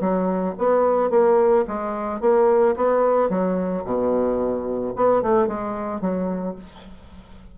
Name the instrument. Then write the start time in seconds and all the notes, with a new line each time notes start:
bassoon
0.00 F#3
0.58 B3
1.10 A#3
1.67 G#3
2.21 A#3
2.76 B3
3.29 F#3
3.85 B2
4.96 B3
5.22 A3
5.47 G#3
6.01 F#3